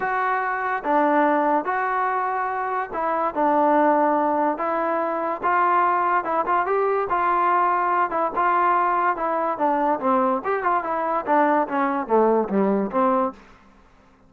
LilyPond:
\new Staff \with { instrumentName = "trombone" } { \time 4/4 \tempo 4 = 144 fis'2 d'2 | fis'2. e'4 | d'2. e'4~ | e'4 f'2 e'8 f'8 |
g'4 f'2~ f'8 e'8 | f'2 e'4 d'4 | c'4 g'8 f'8 e'4 d'4 | cis'4 a4 g4 c'4 | }